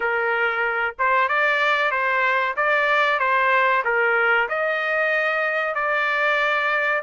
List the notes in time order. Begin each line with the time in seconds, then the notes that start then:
0.00 A#4
0.98 C5
1.28 D5
1.91 C5
2.56 D5
3.19 C5
3.84 A#4
4.49 D#5
5.74 D5